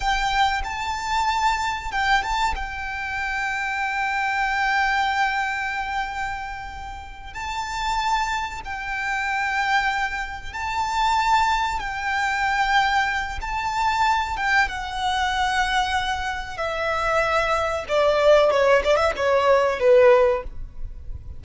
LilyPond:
\new Staff \with { instrumentName = "violin" } { \time 4/4 \tempo 4 = 94 g''4 a''2 g''8 a''8 | g''1~ | g''2.~ g''8 a''8~ | a''4. g''2~ g''8~ |
g''8 a''2 g''4.~ | g''4 a''4. g''8 fis''4~ | fis''2 e''2 | d''4 cis''8 d''16 e''16 cis''4 b'4 | }